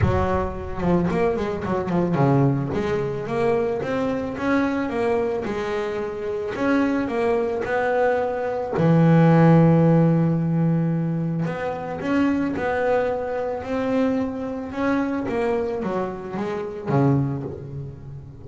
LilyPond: \new Staff \with { instrumentName = "double bass" } { \time 4/4 \tempo 4 = 110 fis4. f8 ais8 gis8 fis8 f8 | cis4 gis4 ais4 c'4 | cis'4 ais4 gis2 | cis'4 ais4 b2 |
e1~ | e4 b4 cis'4 b4~ | b4 c'2 cis'4 | ais4 fis4 gis4 cis4 | }